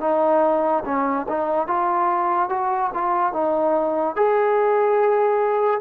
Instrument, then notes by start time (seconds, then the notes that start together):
trombone
0.00 D#4
0.84 C#4
1.28 D#4
1.67 F4
2.49 F#4
2.94 F4
3.33 D#4
4.16 G#4